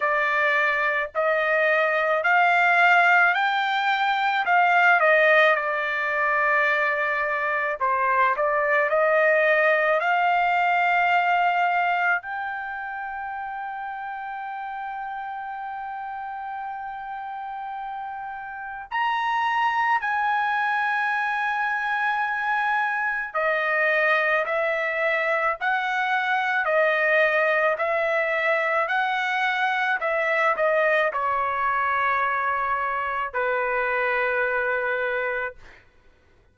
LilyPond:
\new Staff \with { instrumentName = "trumpet" } { \time 4/4 \tempo 4 = 54 d''4 dis''4 f''4 g''4 | f''8 dis''8 d''2 c''8 d''8 | dis''4 f''2 g''4~ | g''1~ |
g''4 ais''4 gis''2~ | gis''4 dis''4 e''4 fis''4 | dis''4 e''4 fis''4 e''8 dis''8 | cis''2 b'2 | }